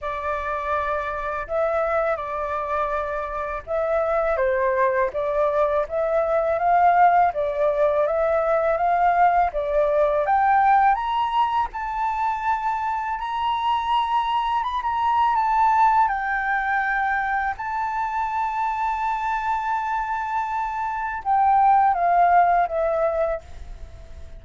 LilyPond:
\new Staff \with { instrumentName = "flute" } { \time 4/4 \tempo 4 = 82 d''2 e''4 d''4~ | d''4 e''4 c''4 d''4 | e''4 f''4 d''4 e''4 | f''4 d''4 g''4 ais''4 |
a''2 ais''2 | b''16 ais''8. a''4 g''2 | a''1~ | a''4 g''4 f''4 e''4 | }